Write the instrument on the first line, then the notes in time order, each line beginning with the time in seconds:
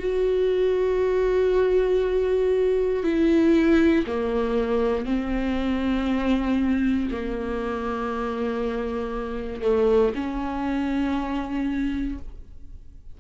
viola
0.00 F#4
3.04 E4
4.07 A#3
5.06 C4
7.12 A#3
9.62 A3
10.15 C#4